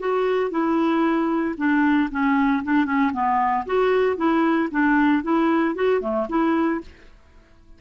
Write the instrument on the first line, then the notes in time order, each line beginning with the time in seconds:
clarinet
0.00 F#4
0.51 E4
1.57 D4
2.11 C#4
2.64 D4
2.86 C#4
3.13 B3
3.66 F#4
4.17 E4
4.71 D4
5.23 E4
5.75 F#4
6.01 A3
6.29 E4